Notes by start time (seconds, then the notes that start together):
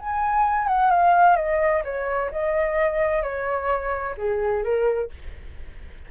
0.00 G#5
0.68 F#5
0.91 F5
1.37 D#5
1.85 C#5
2.32 D#5
3.23 C#5
4.18 G#4
4.64 A#4